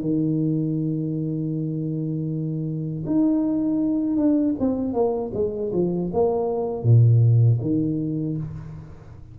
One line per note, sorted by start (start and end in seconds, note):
0.00 3.04 D#3
3.06 4.16 D#4
4.16 4.54 D4
4.59 4.93 C4
4.93 5.31 A#3
5.34 5.72 G#3
5.73 6.11 F3
6.13 6.83 A#3
6.83 7.59 A#2
7.61 8.37 D#3